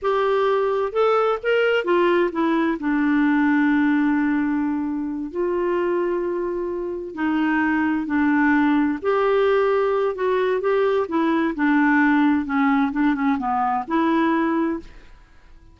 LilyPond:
\new Staff \with { instrumentName = "clarinet" } { \time 4/4 \tempo 4 = 130 g'2 a'4 ais'4 | f'4 e'4 d'2~ | d'2.~ d'8 f'8~ | f'2.~ f'8 dis'8~ |
dis'4. d'2 g'8~ | g'2 fis'4 g'4 | e'4 d'2 cis'4 | d'8 cis'8 b4 e'2 | }